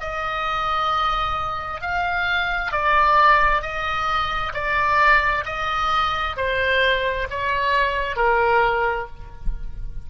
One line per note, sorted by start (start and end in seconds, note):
0.00 1.81 D#5
1.81 2.71 F5
2.71 3.62 D5
3.62 4.52 D#5
4.54 5.45 D5
5.45 6.36 D#5
6.36 7.27 C5
7.30 8.16 C#5
8.16 9.07 A#4